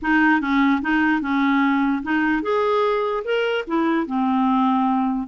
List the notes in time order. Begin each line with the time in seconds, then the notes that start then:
0.01 D#4
0.40 C#4
0.81 D#4
1.21 C#4
2.03 D#4
2.42 G#4
3.24 A#4
3.67 E4
4.06 C4